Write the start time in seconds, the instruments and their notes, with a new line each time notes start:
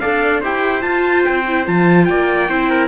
0.00 cello D4, viola A4, trumpet D5 F5
0.41 cello E4, viola G4, trumpet C5 G5
0.81 viola F4, cello F4, trumpet A5
1.25 cello C4, trumpet G5
1.48 viola E4
1.66 cello F3, viola F4, trumpet A5
2.05 cello A#3, trumpet D5 G5
2.49 cello C4, viola E4, trumpet C5
2.70 trumpet A#4